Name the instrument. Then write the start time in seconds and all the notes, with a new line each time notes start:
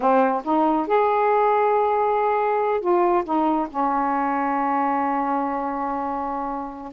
saxophone
0.00 C4
0.44 D#4
0.87 G#4
2.81 F4
3.24 D#4
3.69 C#4